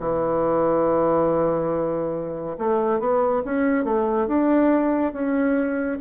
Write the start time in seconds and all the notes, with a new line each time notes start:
0.00 E3
2.59 A3
3.00 B3
3.45 C#4
3.85 A3
4.27 D4
5.13 C#4